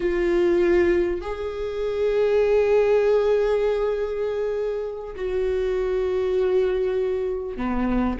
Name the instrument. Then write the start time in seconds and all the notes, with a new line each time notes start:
viola
0.00 F4
1.21 G#4
5.15 F#4
7.56 B3